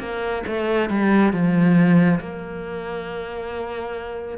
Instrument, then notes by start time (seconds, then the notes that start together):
cello
0.00 A#3
0.47 A3
0.90 G3
1.33 F3
2.21 A#3